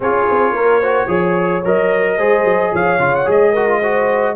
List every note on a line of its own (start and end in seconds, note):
0.00 0.24 C#4
0.00 0.82 F4
0.00 0.54 G#4
0.00 1.65 C#5
0.30 0.51 C4
0.51 1.06 A#3
0.51 0.79 A#4
0.79 1.07 F#4
0.79 1.07 C5
1.07 1.62 F3
1.07 1.62 G#4
1.07 2.17 C#5
1.65 2.18 F#3
1.65 2.18 A#4
1.65 2.75 D#5
2.17 2.44 G#3
2.17 2.99 G#4
2.17 2.71 C5
2.44 2.71 F#3
2.72 2.98 F3
2.72 3.51 C#5
2.72 3.15 F5
2.98 3.26 C#3
2.98 3.25 F4
3.15 3.28 F#5
3.25 4.35 G#3
3.25 3.52 G#4
3.25 4.35 D#5
3.51 3.68 F#4
3.51 3.79 A#4
3.68 3.81 F4
3.79 4.35 F#4
3.79 4.34 C5